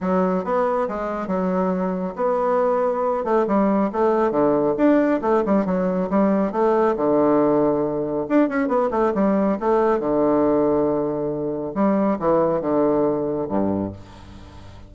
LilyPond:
\new Staff \with { instrumentName = "bassoon" } { \time 4/4 \tempo 4 = 138 fis4 b4 gis4 fis4~ | fis4 b2~ b8 a8 | g4 a4 d4 d'4 | a8 g8 fis4 g4 a4 |
d2. d'8 cis'8 | b8 a8 g4 a4 d4~ | d2. g4 | e4 d2 g,4 | }